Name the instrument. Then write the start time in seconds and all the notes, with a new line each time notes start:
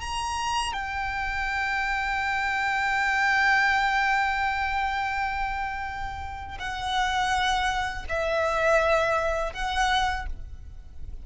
violin
0.00 A#5
0.73 G5
6.59 F#5
8.09 E5
9.53 F#5